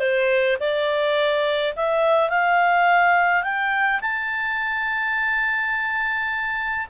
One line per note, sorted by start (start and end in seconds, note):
0.00 0.57 C5
0.60 1.75 D5
1.76 2.30 E5
2.30 3.43 F5
3.43 4.01 G5
4.02 6.88 A5